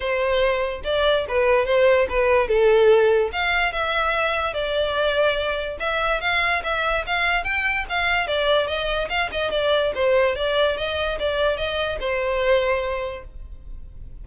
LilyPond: \new Staff \with { instrumentName = "violin" } { \time 4/4 \tempo 4 = 145 c''2 d''4 b'4 | c''4 b'4 a'2 | f''4 e''2 d''4~ | d''2 e''4 f''4 |
e''4 f''4 g''4 f''4 | d''4 dis''4 f''8 dis''8 d''4 | c''4 d''4 dis''4 d''4 | dis''4 c''2. | }